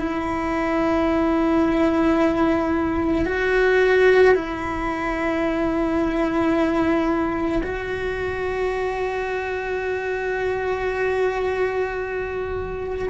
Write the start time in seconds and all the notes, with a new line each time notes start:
0.00 E4
3.26 F#4
4.35 E4
7.63 F#4